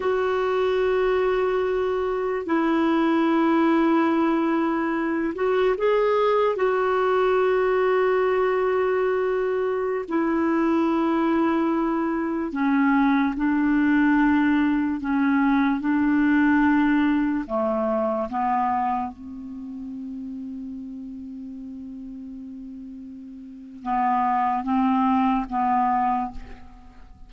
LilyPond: \new Staff \with { instrumentName = "clarinet" } { \time 4/4 \tempo 4 = 73 fis'2. e'4~ | e'2~ e'8 fis'8 gis'4 | fis'1~ | fis'16 e'2. cis'8.~ |
cis'16 d'2 cis'4 d'8.~ | d'4~ d'16 a4 b4 c'8.~ | c'1~ | c'4 b4 c'4 b4 | }